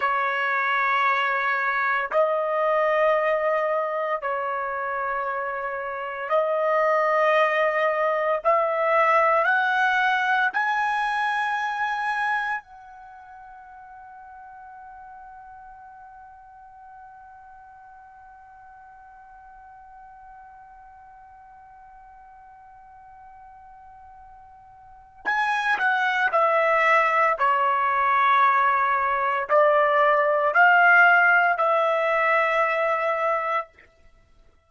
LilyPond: \new Staff \with { instrumentName = "trumpet" } { \time 4/4 \tempo 4 = 57 cis''2 dis''2 | cis''2 dis''2 | e''4 fis''4 gis''2 | fis''1~ |
fis''1~ | fis''1 | gis''8 fis''8 e''4 cis''2 | d''4 f''4 e''2 | }